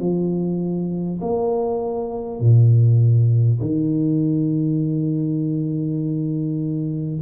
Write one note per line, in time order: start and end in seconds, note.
0.00 1.20 F3
1.22 2.41 A#3
2.41 3.61 A#2
3.61 7.21 D#3